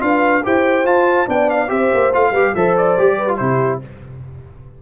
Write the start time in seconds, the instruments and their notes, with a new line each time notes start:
0.00 tuba D4, trombone F4, horn B4, trumpet F5
0.44 tuba E4, trombone G4, horn C5, trumpet G5
0.85 tuba F4, trombone F4, trumpet A5
1.27 tuba B3, trombone D4, horn D5, trumpet G5
1.50 trumpet F5
1.68 tuba C4, trombone G4, horn C5, trumpet E5
1.95 tuba A#3
2.14 tuba A3, trombone F4, trumpet F5
2.32 tuba G3, trombone G4, horn B4
2.55 tuba F3, trombone A4, horn C5, trumpet E5
2.77 trumpet D5
2.98 tuba G3, trombone G4
3.18 horn B4
3.29 trombone F4
3.37 tuba C3, trombone E4, horn G4, trumpet C5